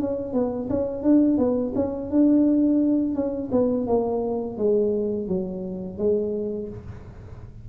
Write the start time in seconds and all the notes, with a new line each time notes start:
0.00 C#4
0.33 B3
0.70 C#4
1.03 D4
1.38 B3
1.76 C#4
2.10 D4
3.15 C#4
3.52 B3
3.87 A#3
4.58 G#3
5.28 F#3
5.98 G#3